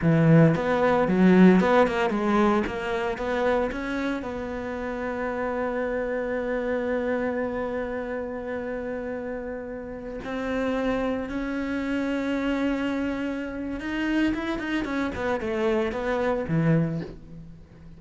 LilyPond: \new Staff \with { instrumentName = "cello" } { \time 4/4 \tempo 4 = 113 e4 b4 fis4 b8 ais8 | gis4 ais4 b4 cis'4 | b1~ | b1~ |
b2.~ b16 c'8.~ | c'4~ c'16 cis'2~ cis'8.~ | cis'2 dis'4 e'8 dis'8 | cis'8 b8 a4 b4 e4 | }